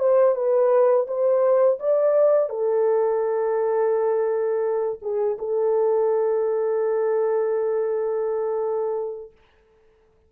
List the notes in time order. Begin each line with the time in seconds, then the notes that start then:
0.00 C5
0.36 B4
1.08 C5
1.80 D5
2.50 A4
5.02 G#4
5.39 A4